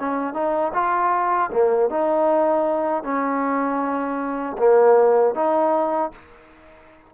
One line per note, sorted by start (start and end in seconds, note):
0.00 0.34 C#4
0.34 0.72 D#4
0.74 1.51 F4
1.52 1.90 A#3
1.90 3.03 D#4
3.03 4.57 C#4
4.58 5.35 A#3
5.35 6.12 D#4